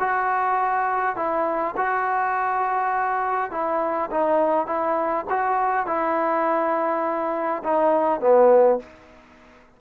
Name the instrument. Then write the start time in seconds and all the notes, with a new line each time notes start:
trombone
0.00 F#4
1.16 E4
1.77 F#4
3.52 E4
4.11 D#4
4.67 E4
5.30 F#4
5.87 E4
7.64 D#4
8.21 B3